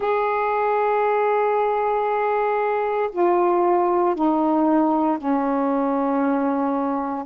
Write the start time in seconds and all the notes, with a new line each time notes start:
0.00 G#4
3.12 F4
4.15 D#4
5.17 C#4